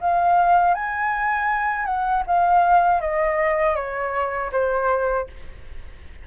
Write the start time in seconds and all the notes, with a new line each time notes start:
0.00 F5
0.74 G#5
1.85 F#5
2.26 F5
3.00 D#5
3.75 C#5
4.52 C5